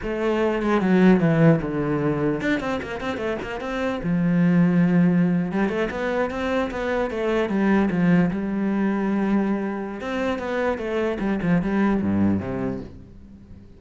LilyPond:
\new Staff \with { instrumentName = "cello" } { \time 4/4 \tempo 4 = 150 a4. gis8 fis4 e4 | d2 d'8 c'8 ais8 c'8 | a8 ais8 c'4 f2~ | f4.~ f16 g8 a8 b4 c'16~ |
c'8. b4 a4 g4 f16~ | f8. g2.~ g16~ | g4 c'4 b4 a4 | g8 f8 g4 g,4 c4 | }